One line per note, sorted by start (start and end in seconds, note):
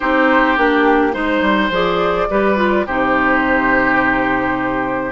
0.00 0.57 C4
0.00 0.57 D#4
0.00 1.12 G4
0.00 0.56 C5
0.56 1.14 A#3
0.56 1.12 D4
0.56 1.13 G4
1.12 1.41 G#3
1.12 1.69 D#4
1.12 2.27 C5
1.12 1.71 C5
1.41 1.70 G3
1.70 2.27 F3
1.70 2.29 G#4
1.70 2.87 D5
2.30 2.86 G3
2.30 2.56 G4
2.30 2.86 B4
2.56 2.85 F4
2.86 5.12 C3
2.86 5.12 D#4
2.86 5.12 G4
2.86 5.12 C5